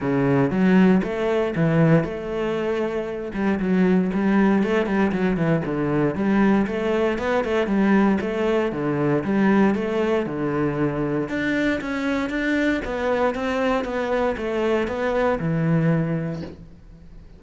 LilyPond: \new Staff \with { instrumentName = "cello" } { \time 4/4 \tempo 4 = 117 cis4 fis4 a4 e4 | a2~ a8 g8 fis4 | g4 a8 g8 fis8 e8 d4 | g4 a4 b8 a8 g4 |
a4 d4 g4 a4 | d2 d'4 cis'4 | d'4 b4 c'4 b4 | a4 b4 e2 | }